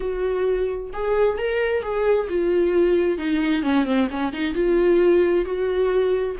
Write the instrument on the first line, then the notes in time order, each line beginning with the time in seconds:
viola
0.00 F#4
0.93 G#4
1.38 A#4
1.82 G#4
2.28 F4
3.18 D#4
3.62 C#4
3.85 C4
4.10 C#4
4.32 D#4
4.54 F4
5.45 F#4